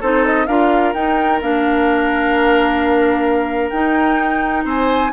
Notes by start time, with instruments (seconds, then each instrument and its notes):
0.00 bassoon C4, clarinet D#4, oboe A4, flute C5
0.26 flute D#5
0.47 bassoon D4, clarinet F4, oboe A#4, flute F5
0.94 bassoon D#4, clarinet D#4, flute G5
1.41 bassoon A#3, clarinet D4, flute F5
3.70 bassoon D#4, clarinet D#4, flute G5
4.64 bassoon C4, oboe C5, flute G#5